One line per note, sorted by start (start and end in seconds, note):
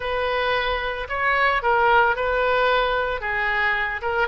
0.00 1.07 B4
1.08 1.62 C#5
1.62 2.16 A#4
2.16 3.20 B4
3.20 4.01 G#4
4.01 4.28 A#4